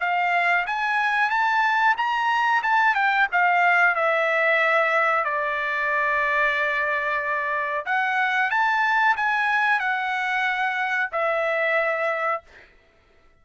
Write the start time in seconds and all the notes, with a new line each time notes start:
0.00 F5
0.66 G#5
1.30 A5
1.97 A#5
2.63 A5
2.95 G5
3.32 F5
3.95 E5
5.24 D5
7.86 F#5
8.50 A5
9.16 G#5
9.79 F#5
11.12 E5